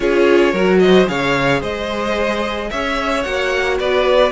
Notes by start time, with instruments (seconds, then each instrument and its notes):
0.00 cello C#4, viola F4, violin G#4 C#5
0.52 cello F#3, viola F#4, violin A#4
0.79 violin C5 D#5
1.06 cello C#3, viola G#4, violin C#5 F5
1.60 cello G#3, violin C5 D#5
2.70 cello C#4, violin C#5 E5
3.23 cello A#3, viola F#4, violin F#5
3.79 cello B3, violin B4 D5